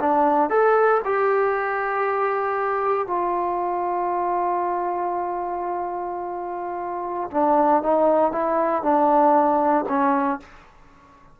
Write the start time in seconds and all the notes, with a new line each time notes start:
0.00 D4
0.50 A4
1.04 G4
3.07 F4
7.31 D4
7.83 D#4
8.32 E4
8.83 D4
9.89 C#4